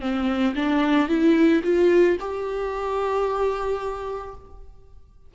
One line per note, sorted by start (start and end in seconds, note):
0.00 0.54 C4
0.55 1.08 D4
1.08 1.61 E4
1.63 2.17 F4
2.20 4.34 G4